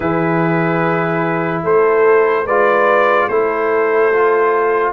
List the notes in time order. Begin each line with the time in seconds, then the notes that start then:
0.00 E3 E4 G#4 B4
1.63 A3 A4 C5
2.45 G#3 F4 B4 D5
3.28 A3 E4 A4 C5
4.12 F4